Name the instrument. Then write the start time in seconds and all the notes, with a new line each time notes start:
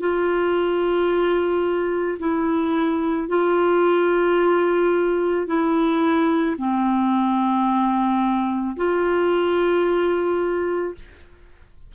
clarinet
0.00 F4
2.19 E4
3.29 F4
5.47 E4
6.58 C4
8.76 F4